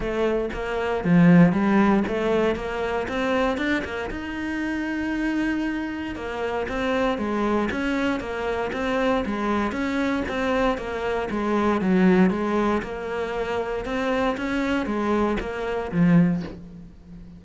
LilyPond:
\new Staff \with { instrumentName = "cello" } { \time 4/4 \tempo 4 = 117 a4 ais4 f4 g4 | a4 ais4 c'4 d'8 ais8 | dis'1 | ais4 c'4 gis4 cis'4 |
ais4 c'4 gis4 cis'4 | c'4 ais4 gis4 fis4 | gis4 ais2 c'4 | cis'4 gis4 ais4 f4 | }